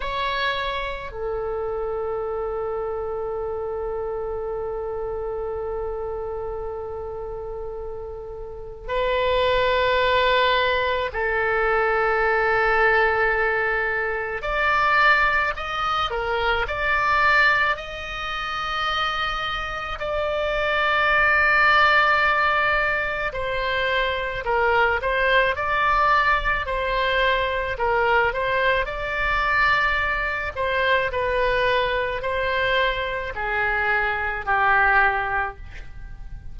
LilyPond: \new Staff \with { instrumentName = "oboe" } { \time 4/4 \tempo 4 = 54 cis''4 a'2.~ | a'1 | b'2 a'2~ | a'4 d''4 dis''8 ais'8 d''4 |
dis''2 d''2~ | d''4 c''4 ais'8 c''8 d''4 | c''4 ais'8 c''8 d''4. c''8 | b'4 c''4 gis'4 g'4 | }